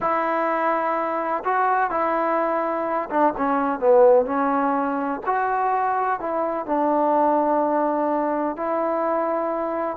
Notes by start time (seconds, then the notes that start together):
0.00 E4
1.44 F#4
1.90 E4
3.10 D4
3.37 C#4
3.79 B3
4.25 C#4
5.26 F#4
6.20 E4
6.66 D4
8.56 E4